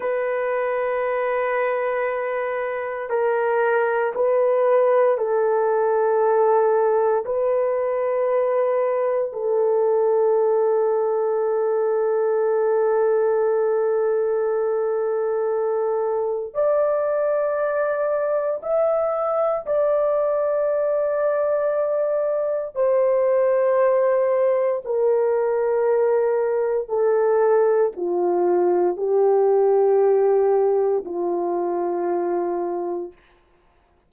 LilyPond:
\new Staff \with { instrumentName = "horn" } { \time 4/4 \tempo 4 = 58 b'2. ais'4 | b'4 a'2 b'4~ | b'4 a'2.~ | a'1 |
d''2 e''4 d''4~ | d''2 c''2 | ais'2 a'4 f'4 | g'2 f'2 | }